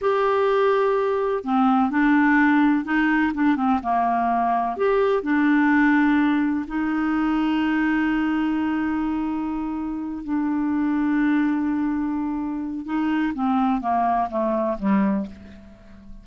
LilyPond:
\new Staff \with { instrumentName = "clarinet" } { \time 4/4 \tempo 4 = 126 g'2. c'4 | d'2 dis'4 d'8 c'8 | ais2 g'4 d'4~ | d'2 dis'2~ |
dis'1~ | dis'4. d'2~ d'8~ | d'2. dis'4 | c'4 ais4 a4 g4 | }